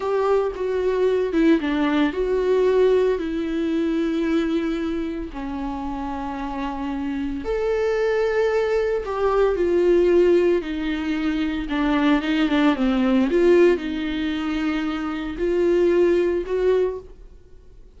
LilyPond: \new Staff \with { instrumentName = "viola" } { \time 4/4 \tempo 4 = 113 g'4 fis'4. e'8 d'4 | fis'2 e'2~ | e'2 cis'2~ | cis'2 a'2~ |
a'4 g'4 f'2 | dis'2 d'4 dis'8 d'8 | c'4 f'4 dis'2~ | dis'4 f'2 fis'4 | }